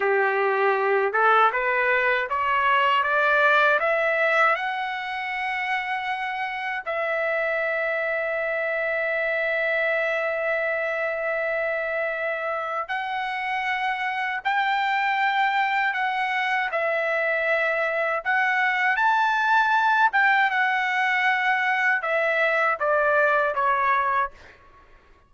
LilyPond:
\new Staff \with { instrumentName = "trumpet" } { \time 4/4 \tempo 4 = 79 g'4. a'8 b'4 cis''4 | d''4 e''4 fis''2~ | fis''4 e''2.~ | e''1~ |
e''4 fis''2 g''4~ | g''4 fis''4 e''2 | fis''4 a''4. g''8 fis''4~ | fis''4 e''4 d''4 cis''4 | }